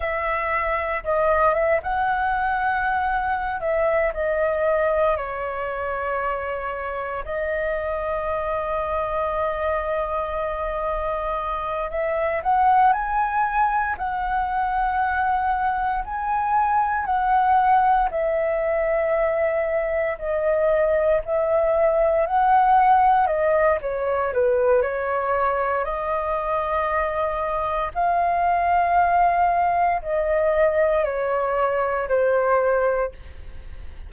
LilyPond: \new Staff \with { instrumentName = "flute" } { \time 4/4 \tempo 4 = 58 e''4 dis''8 e''16 fis''4.~ fis''16 e''8 | dis''4 cis''2 dis''4~ | dis''2.~ dis''8 e''8 | fis''8 gis''4 fis''2 gis''8~ |
gis''8 fis''4 e''2 dis''8~ | dis''8 e''4 fis''4 dis''8 cis''8 b'8 | cis''4 dis''2 f''4~ | f''4 dis''4 cis''4 c''4 | }